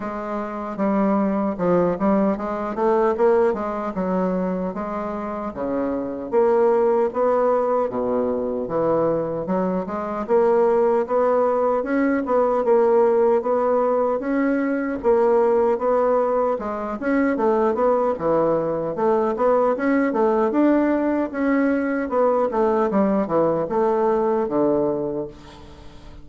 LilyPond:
\new Staff \with { instrumentName = "bassoon" } { \time 4/4 \tempo 4 = 76 gis4 g4 f8 g8 gis8 a8 | ais8 gis8 fis4 gis4 cis4 | ais4 b4 b,4 e4 | fis8 gis8 ais4 b4 cis'8 b8 |
ais4 b4 cis'4 ais4 | b4 gis8 cis'8 a8 b8 e4 | a8 b8 cis'8 a8 d'4 cis'4 | b8 a8 g8 e8 a4 d4 | }